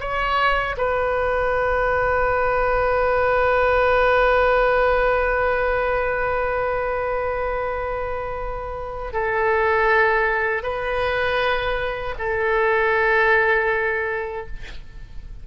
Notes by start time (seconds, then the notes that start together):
0.00 C#5
0.77 B4
9.13 A4
10.63 B4
12.18 A4